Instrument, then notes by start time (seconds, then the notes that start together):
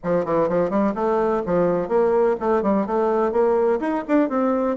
bassoon
0.03 F3
0.25 E3
0.48 F3
0.69 G3
0.94 A3
1.45 F3
1.88 A#3
2.39 A3
2.62 G3
2.86 A3
3.32 A#3
3.80 D#4
4.08 D4
4.29 C4